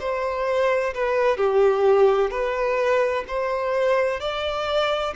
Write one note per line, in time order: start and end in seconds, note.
0.00 0.94 C5
0.94 1.37 B4
1.37 2.31 G4
2.31 3.24 B4
3.28 4.21 C5
4.21 5.14 D5